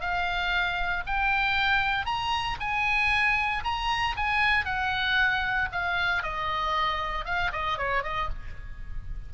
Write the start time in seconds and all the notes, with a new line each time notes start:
0.00 F5
1.06 G5
2.05 A#5
2.60 G#5
3.64 A#5
4.16 G#5
4.65 F#5
5.72 F5
6.22 D#5
7.25 F5
7.52 D#5
7.78 C#5
8.03 D#5